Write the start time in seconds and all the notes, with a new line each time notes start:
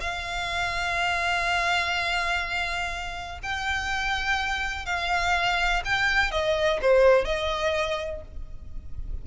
0.00 F5
3.42 G5
4.85 F5
5.84 G5
6.31 D#5
6.81 C5
7.24 D#5